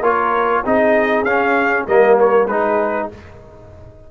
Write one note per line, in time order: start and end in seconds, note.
0.00 0.61 A#3
0.00 0.64 F4
0.00 0.63 A#4
0.00 0.64 C#5
0.64 1.23 C4
0.64 1.26 D#4
0.64 1.87 G#4
0.64 1.24 D#5
1.23 1.84 C#4
1.23 1.87 C#4
1.23 1.85 F5
1.87 2.46 G3
1.87 2.49 A#3
1.87 2.47 A#4
1.87 2.17 D#5
2.19 2.47 C#5
2.46 3.08 G#3
2.46 3.11 D#4
2.46 3.08 G#4
2.46 3.08 B4